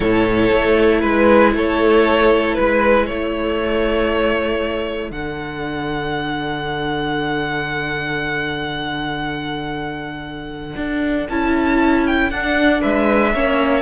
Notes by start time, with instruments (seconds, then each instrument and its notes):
0.00 cello A2, viola E4, violin A4 C#5
0.52 cello A3
1.00 cello G#3, violin B4
1.54 cello A3, violin A4 C#5
2.54 cello G#3, violin B4
3.06 cello A3, violin A4 C#5
5.10 cello D3, viola D4, violin F#5
10.76 cello D4
11.29 cello C#4, viola E4, violin A5
12.07 violin G5
12.30 cello D4, viola D4, violin F#5
12.81 cello G#3, violin B4 E5
13.34 cello A#3, viola C#4, violin C#5